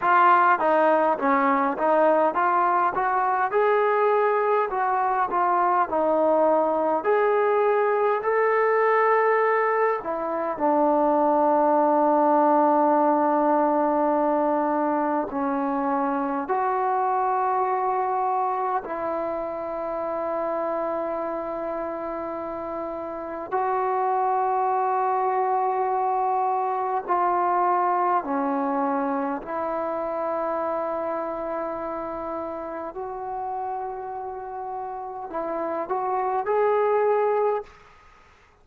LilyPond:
\new Staff \with { instrumentName = "trombone" } { \time 4/4 \tempo 4 = 51 f'8 dis'8 cis'8 dis'8 f'8 fis'8 gis'4 | fis'8 f'8 dis'4 gis'4 a'4~ | a'8 e'8 d'2.~ | d'4 cis'4 fis'2 |
e'1 | fis'2. f'4 | cis'4 e'2. | fis'2 e'8 fis'8 gis'4 | }